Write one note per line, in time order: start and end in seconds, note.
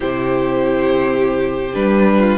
0.00 1.75 C3
0.00 1.70 E4
0.00 2.17 G4
0.00 1.74 C5
1.73 2.38 G3
1.73 2.38 D4
1.73 2.38 B4
2.19 2.38 F4